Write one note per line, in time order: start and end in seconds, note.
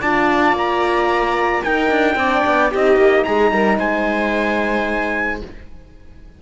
0.00 0.53 D4
0.00 1.64 F4
0.00 1.62 D5
0.00 0.56 A5
0.53 1.61 A#3
0.53 1.63 A#5
1.63 2.18 D#4
1.63 1.90 D#4
1.63 2.17 A#4
1.63 2.71 G5
1.90 2.15 D4
2.15 2.42 C4
2.15 2.71 D4
2.15 2.71 D5
2.46 2.73 B3
2.71 2.97 C4
2.71 5.41 D#4
2.71 3.25 G4
2.71 3.24 D#5
2.97 3.24 A#3
3.24 3.52 G#3
3.24 3.53 G#4
3.24 3.78 A#5
3.52 3.79 G3
3.52 3.78 A#4
3.78 5.42 G#3
3.78 5.41 C5
3.78 5.41 G#5